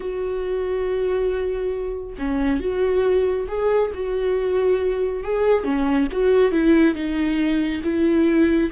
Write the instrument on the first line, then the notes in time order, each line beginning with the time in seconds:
viola
0.00 F#4
2.18 C#4
2.60 F#4
3.47 G#4
3.94 F#4
5.23 G#4
5.64 C#4
6.11 F#4
6.51 E4
6.94 D#4
7.83 E4